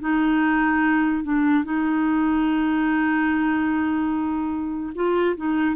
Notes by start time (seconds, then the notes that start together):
0.00 D#4
1.23 D4
1.64 D#4
4.95 F4
5.36 D#4